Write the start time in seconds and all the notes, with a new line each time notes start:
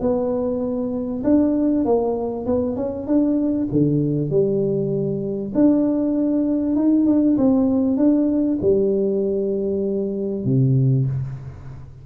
0.00 B3
1.24 D4
1.85 A#3
2.45 B3
2.76 C#4
3.07 D4
3.72 D3
4.30 G3
5.54 D4
6.76 D#4
7.06 D4
7.37 C4
7.97 D4
8.61 G3
10.44 C3